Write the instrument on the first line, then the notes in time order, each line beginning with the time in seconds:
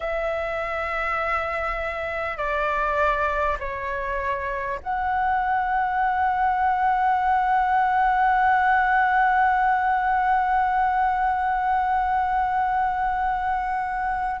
flute
0.00 E5
2.37 D5
3.59 C#5
4.82 F#5